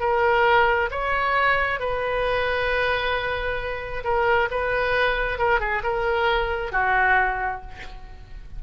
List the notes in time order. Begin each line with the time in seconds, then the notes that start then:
0.00 A#4
0.91 C#5
1.80 B4
4.04 A#4
4.51 B4
5.38 A#4
5.60 G#4
5.83 A#4
6.72 F#4